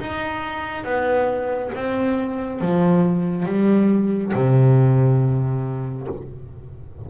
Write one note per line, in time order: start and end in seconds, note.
0.00 0.85 D#4
0.85 1.72 B3
1.75 2.61 C4
2.61 3.46 F3
3.46 4.33 G3
4.34 6.08 C3